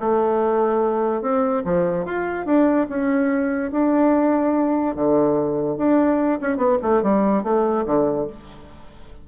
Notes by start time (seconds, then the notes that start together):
0.00 A3
1.22 C4
1.65 F3
2.06 F4
2.46 D4
2.89 C#4
3.72 D4
4.96 D3
5.78 D4
6.41 C#4
6.57 B3
6.83 A3
7.03 G3
7.44 A3
7.86 D3